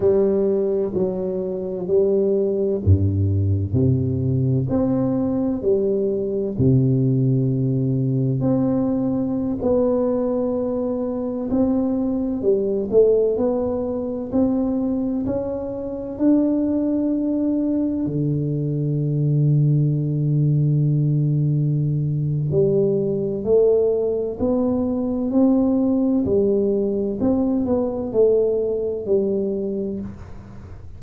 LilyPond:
\new Staff \with { instrumentName = "tuba" } { \time 4/4 \tempo 4 = 64 g4 fis4 g4 g,4 | c4 c'4 g4 c4~ | c4 c'4~ c'16 b4.~ b16~ | b16 c'4 g8 a8 b4 c'8.~ |
c'16 cis'4 d'2 d8.~ | d1 | g4 a4 b4 c'4 | g4 c'8 b8 a4 g4 | }